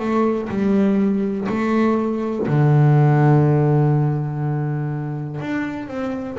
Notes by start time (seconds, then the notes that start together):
0.00 A3
0.50 G3
1.49 A3
2.48 D3
5.41 D4
5.88 C4